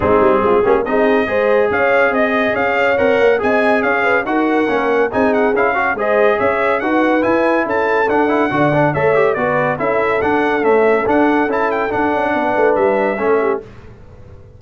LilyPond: <<
  \new Staff \with { instrumentName = "trumpet" } { \time 4/4 \tempo 4 = 141 gis'2 dis''2 | f''4 dis''4 f''4 fis''4 | gis''4 f''4 fis''2 | gis''8 fis''8 f''4 dis''4 e''4 |
fis''4 gis''4 a''4 fis''4~ | fis''4 e''4 d''4 e''4 | fis''4 e''4 fis''4 a''8 g''8 | fis''2 e''2 | }
  \new Staff \with { instrumentName = "horn" } { \time 4/4 dis'4 f'8 g'8 gis'4 c''4 | cis''4 dis''4 cis''2 | dis''4 cis''8 b'8 ais'2 | gis'4. cis''8 c''4 cis''4 |
b'2 a'2 | d''4 cis''4 b'4 a'4~ | a'1~ | a'4 b'2 a'8 g'8 | }
  \new Staff \with { instrumentName = "trombone" } { \time 4/4 c'4. cis'8 dis'4 gis'4~ | gis'2. ais'4 | gis'2 fis'4 cis'4 | dis'4 e'8 fis'8 gis'2 |
fis'4 e'2 d'8 e'8 | fis'8 d'8 a'8 g'8 fis'4 e'4 | d'4 a4 d'4 e'4 | d'2. cis'4 | }
  \new Staff \with { instrumentName = "tuba" } { \time 4/4 gis8 g8 gis8 ais8 c'4 gis4 | cis'4 c'4 cis'4 c'8 ais8 | c'4 cis'4 dis'4 ais4 | c'4 cis'4 gis4 cis'4 |
dis'4 e'4 cis'4 d'4 | d4 a4 b4 cis'4 | d'4 cis'4 d'4 cis'4 | d'8 cis'8 b8 a8 g4 a4 | }
>>